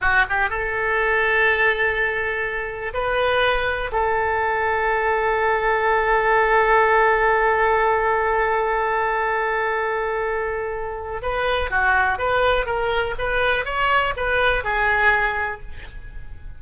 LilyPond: \new Staff \with { instrumentName = "oboe" } { \time 4/4 \tempo 4 = 123 fis'8 g'8 a'2.~ | a'2 b'2 | a'1~ | a'1~ |
a'1~ | a'2. b'4 | fis'4 b'4 ais'4 b'4 | cis''4 b'4 gis'2 | }